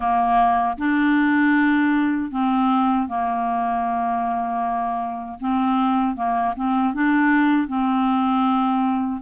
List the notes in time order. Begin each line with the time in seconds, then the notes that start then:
0.00 A#3
0.77 D4
2.31 C4
3.08 A#3
5.40 C4
6.15 A#3
6.56 C4
6.94 D4
7.67 C4